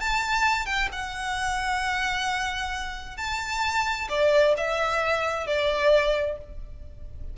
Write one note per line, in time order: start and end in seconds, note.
0.00 0.66 A5
0.66 0.89 G5
0.92 3.18 F#5
3.18 4.08 A5
4.10 4.55 D5
4.57 5.47 E5
5.47 6.38 D5